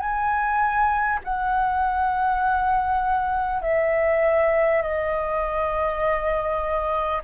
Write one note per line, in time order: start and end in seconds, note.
0.00 1.20 G#5
1.24 3.63 F#5
3.63 4.83 E5
4.83 7.23 D#5